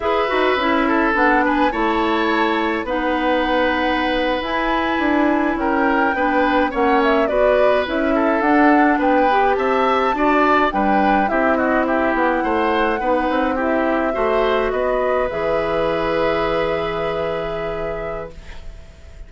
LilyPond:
<<
  \new Staff \with { instrumentName = "flute" } { \time 4/4 \tempo 4 = 105 e''2 fis''8 gis''8 a''4~ | a''4 fis''2~ fis''8. gis''16~ | gis''4.~ gis''16 g''2 fis''16~ | fis''16 e''8 d''4 e''4 fis''4 g''16~ |
g''8. a''2 g''4 e''16~ | e''16 dis''8 e''8 fis''2~ fis''8 e''16~ | e''4.~ e''16 dis''4 e''4~ e''16~ | e''1 | }
  \new Staff \with { instrumentName = "oboe" } { \time 4/4 b'4. a'4 b'8 cis''4~ | cis''4 b'2.~ | b'4.~ b'16 ais'4 b'4 cis''16~ | cis''8. b'4. a'4. b'16~ |
b'8. e''4 d''4 b'4 g'16~ | g'16 fis'8 g'4 c''4 b'4 g'16~ | g'8. c''4 b'2~ b'16~ | b'1 | }
  \new Staff \with { instrumentName = "clarinet" } { \time 4/4 gis'8 fis'8 e'4 d'4 e'4~ | e'4 dis'2~ dis'8. e'16~ | e'2~ e'8. d'4 cis'16~ | cis'8. fis'4 e'4 d'4~ d'16~ |
d'16 g'4. fis'4 d'4 e'16~ | e'2~ e'8. dis'4 e'16~ | e'8. fis'2 gis'4~ gis'16~ | gis'1 | }
  \new Staff \with { instrumentName = "bassoon" } { \time 4/4 e'8 dis'8 cis'4 b4 a4~ | a4 b2~ b8. e'16~ | e'8. d'4 cis'4 b4 ais16~ | ais8. b4 cis'4 d'4 b16~ |
b8. c'4 d'4 g4 c'16~ | c'4~ c'16 b8 a4 b8 c'8.~ | c'8. a4 b4 e4~ e16~ | e1 | }
>>